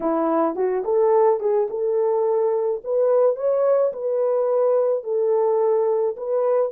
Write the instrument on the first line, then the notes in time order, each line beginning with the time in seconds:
horn
0.00 E4
0.55 F#4
0.84 A4
1.40 G#4
1.69 A4
2.83 B4
3.36 C#5
3.93 B4
5.03 A4
6.16 B4